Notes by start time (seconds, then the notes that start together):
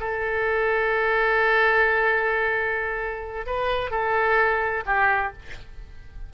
0.00 A4
3.46 B4
3.91 A4
4.86 G4